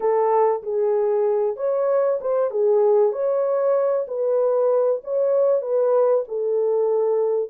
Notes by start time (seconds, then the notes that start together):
0.00 A4
0.62 G#4
1.56 C#5
2.20 C5
2.51 G#4
3.12 C#5
4.07 B4
5.03 C#5
5.61 B4
6.28 A4